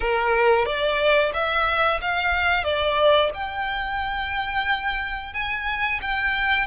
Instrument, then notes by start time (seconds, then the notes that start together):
violin
0.00 A#4
0.65 D5
1.33 E5
2.01 F5
2.63 D5
3.34 G5
5.33 G#5
6.01 G5